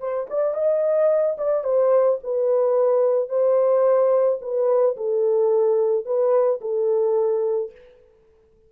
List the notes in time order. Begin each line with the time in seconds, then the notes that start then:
0.00 C5
0.30 D5
0.54 D#5
1.38 D5
1.64 C5
2.24 B4
3.29 C5
4.42 B4
4.97 A4
6.06 B4
6.61 A4